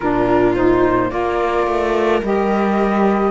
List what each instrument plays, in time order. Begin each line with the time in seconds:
0.00 cello A#2, saxophone D4, viola F4, flute A#4
0.54 saxophone D#4, flute C5
1.09 cello A#3, saxophone F4, viola A#4, flute D5
1.66 cello A3
2.23 cello G3, saxophone G4, flute D#5